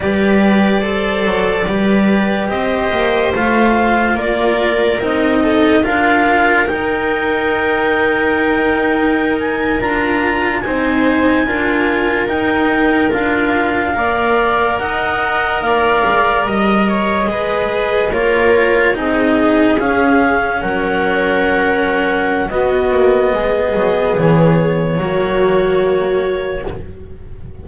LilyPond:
<<
  \new Staff \with { instrumentName = "clarinet" } { \time 4/4 \tempo 4 = 72 d''2. dis''4 | f''4 d''4 dis''4 f''4 | g''2.~ g''16 gis''8 ais''16~ | ais''8. gis''2 g''4 f''16~ |
f''4.~ f''16 fis''4 f''4 dis''16~ | dis''4.~ dis''16 cis''4 dis''4 f''16~ | f''8. fis''2~ fis''16 dis''4~ | dis''4 cis''2. | }
  \new Staff \with { instrumentName = "viola" } { \time 4/4 b'4 c''4 b'4 c''4~ | c''4 ais'4. a'8 ais'4~ | ais'1~ | ais'8. c''4 ais'2~ ais'16~ |
ais'8. d''4 dis''4 d''4 dis''16~ | dis''16 cis''8 b'4 ais'4 gis'4~ gis'16~ | gis'8. ais'2~ ais'16 fis'4 | gis'2 fis'2 | }
  \new Staff \with { instrumentName = "cello" } { \time 4/4 g'4 a'4 g'2 | f'2 dis'4 f'4 | dis'2.~ dis'8. f'16~ | f'8. dis'4 f'4 dis'4 f'16~ |
f'8. ais'2.~ ais'16~ | ais'8. gis'4 f'4 dis'4 cis'16~ | cis'2. b4~ | b2 ais2 | }
  \new Staff \with { instrumentName = "double bass" } { \time 4/4 g4. fis8 g4 c'8 ais8 | a4 ais4 c'4 d'4 | dis'2.~ dis'8. d'16~ | d'8. c'4 d'4 dis'4 d'16~ |
d'8. ais4 dis'4 ais8 gis8 g16~ | g8. gis4 ais4 c'4 cis'16~ | cis'8. fis2~ fis16 b8 ais8 | gis8 fis8 e4 fis2 | }
>>